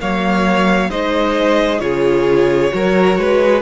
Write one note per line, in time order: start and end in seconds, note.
0.00 0.90 F#3
0.00 0.90 A#3
0.00 0.90 C#5
0.00 0.90 F5
0.90 1.80 G#3
0.90 1.80 D#4
0.90 1.80 C5
0.90 1.80 D#5
1.80 2.71 C#3
1.80 2.70 F4
1.80 2.73 G#4
1.80 3.61 C#5
2.70 3.17 F#3
2.70 3.61 F#4
2.70 3.19 A#4
3.17 3.62 G#3
3.17 3.62 B4